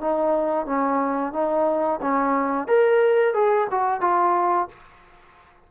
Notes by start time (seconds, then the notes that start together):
0.00 D#4
0.66 C#4
1.32 D#4
2.01 C#4
2.68 A#4
3.34 G#4
3.71 F#4
4.01 F4